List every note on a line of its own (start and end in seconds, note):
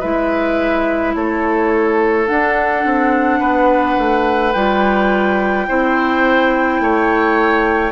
0.00 1.15 G#3
0.00 2.27 E4
0.00 1.13 B4
0.00 1.15 E5
1.15 2.28 A3
1.15 3.40 A4
1.15 2.28 C#5
2.27 4.53 D4
2.27 2.85 D4
2.27 4.53 F#5
2.85 3.40 C4
3.40 3.97 B3
3.40 5.66 B4
3.98 4.55 A3
4.53 5.69 G3
4.53 5.69 F4
4.53 7.92 G5
5.69 6.81 C4
5.69 7.92 E4
5.69 6.82 C5
6.81 7.92 A3
6.81 7.92 C#5